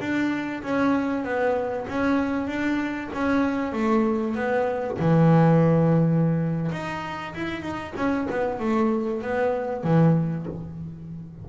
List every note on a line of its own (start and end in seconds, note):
0.00 0.62 D4
0.63 1.24 C#4
1.24 1.87 B3
1.88 2.47 C#4
2.47 3.10 D4
3.14 3.73 C#4
3.73 4.35 A3
4.36 4.98 B3
4.99 6.71 E3
6.72 7.34 D#4
7.35 7.62 E4
7.62 7.93 D#4
7.96 8.28 C#4
8.31 8.60 B3
8.60 9.22 A3
9.22 9.84 B3
9.84 10.47 E3